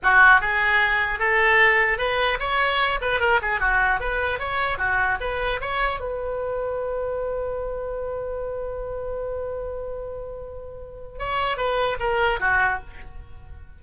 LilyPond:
\new Staff \with { instrumentName = "oboe" } { \time 4/4 \tempo 4 = 150 fis'4 gis'2 a'4~ | a'4 b'4 cis''4. b'8 | ais'8 gis'8 fis'4 b'4 cis''4 | fis'4 b'4 cis''4 b'4~ |
b'1~ | b'1~ | b'1 | cis''4 b'4 ais'4 fis'4 | }